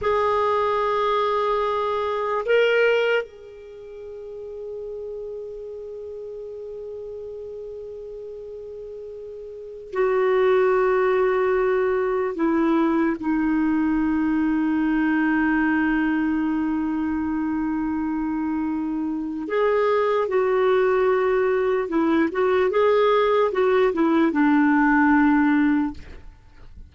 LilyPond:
\new Staff \with { instrumentName = "clarinet" } { \time 4/4 \tempo 4 = 74 gis'2. ais'4 | gis'1~ | gis'1~ | gis'16 fis'2. e'8.~ |
e'16 dis'2.~ dis'8.~ | dis'1 | gis'4 fis'2 e'8 fis'8 | gis'4 fis'8 e'8 d'2 | }